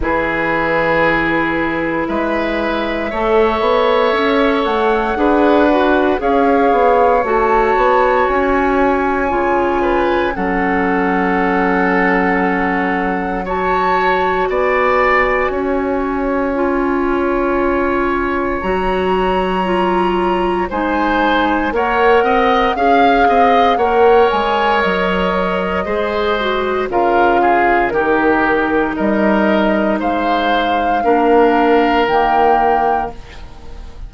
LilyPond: <<
  \new Staff \with { instrumentName = "flute" } { \time 4/4 \tempo 4 = 58 b'2 e''2~ | e''8 fis''4. f''4 a''4 | gis''2 fis''2~ | fis''4 a''4 gis''2~ |
gis''2 ais''2 | gis''4 fis''4 f''4 fis''8 gis''8 | dis''2 f''4 ais'4 | dis''4 f''2 g''4 | }
  \new Staff \with { instrumentName = "oboe" } { \time 4/4 gis'2 b'4 cis''4~ | cis''4 b'4 cis''2~ | cis''4. b'8 a'2~ | a'4 cis''4 d''4 cis''4~ |
cis''1 | c''4 cis''8 dis''8 f''8 dis''8 cis''4~ | cis''4 c''4 ais'8 gis'8 g'4 | ais'4 c''4 ais'2 | }
  \new Staff \with { instrumentName = "clarinet" } { \time 4/4 e'2. a'4~ | a'4 gis'8 fis'8 gis'4 fis'4~ | fis'4 f'4 cis'2~ | cis'4 fis'2. |
f'2 fis'4 f'4 | dis'4 ais'4 gis'4 ais'4~ | ais'4 gis'8 fis'8 f'4 dis'4~ | dis'2 d'4 ais4 | }
  \new Staff \with { instrumentName = "bassoon" } { \time 4/4 e2 gis4 a8 b8 | cis'8 a8 d'4 cis'8 b8 a8 b8 | cis'4 cis4 fis2~ | fis2 b4 cis'4~ |
cis'2 fis2 | gis4 ais8 c'8 cis'8 c'8 ais8 gis8 | fis4 gis4 cis4 dis4 | g4 gis4 ais4 dis4 | }
>>